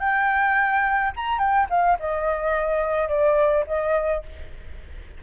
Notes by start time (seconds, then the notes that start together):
0.00 G5
1.16 A#5
1.39 G5
1.70 F5
2.00 D#5
3.09 D5
3.67 D#5